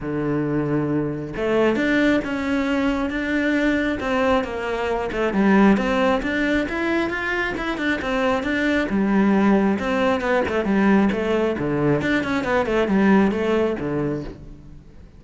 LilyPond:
\new Staff \with { instrumentName = "cello" } { \time 4/4 \tempo 4 = 135 d2. a4 | d'4 cis'2 d'4~ | d'4 c'4 ais4. a8 | g4 c'4 d'4 e'4 |
f'4 e'8 d'8 c'4 d'4 | g2 c'4 b8 a8 | g4 a4 d4 d'8 cis'8 | b8 a8 g4 a4 d4 | }